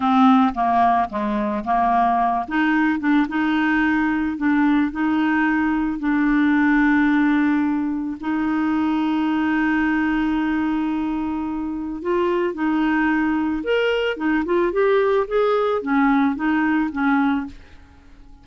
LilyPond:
\new Staff \with { instrumentName = "clarinet" } { \time 4/4 \tempo 4 = 110 c'4 ais4 gis4 ais4~ | ais8 dis'4 d'8 dis'2 | d'4 dis'2 d'4~ | d'2. dis'4~ |
dis'1~ | dis'2 f'4 dis'4~ | dis'4 ais'4 dis'8 f'8 g'4 | gis'4 cis'4 dis'4 cis'4 | }